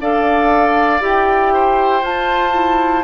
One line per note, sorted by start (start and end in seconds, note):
0.00 1.00 D4
0.00 1.00 A4
0.00 1.53 D5
0.00 1.02 F5
1.00 2.02 E4
1.00 2.02 G4
1.00 2.04 G5
1.53 3.03 C5
2.02 2.53 F4
2.02 3.03 F4
2.02 3.03 A5
2.53 3.03 E4